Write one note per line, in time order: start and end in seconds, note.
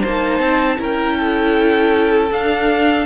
0.00 0.39 A#3
0.00 0.76 C5
0.00 0.80 A5
0.06 0.77 D#4
0.39 0.77 C4
0.77 2.30 C#4
0.77 2.29 E4
0.77 1.17 A#4
0.83 2.32 G5
1.17 3.06 A4
2.31 3.06 D4
2.31 3.06 F5